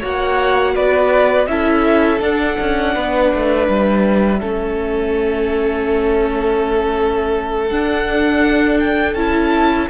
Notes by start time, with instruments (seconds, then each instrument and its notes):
0.00 cello A#3, viola F#4, violin C#5 F#5
0.75 cello B3, violin B4 D5
1.47 cello C#4, viola E4, violin A4 E5
2.19 viola D4, cello D4, violin F#5
2.60 cello C#4
2.95 cello B3, violin B4
3.34 cello A3
3.68 cello G3, violin E5
4.40 cello A3, viola C#4, violin A4
7.68 viola D4, cello D4, violin F#5
8.80 violin G5
9.14 cello C#4, viola E4, violin A5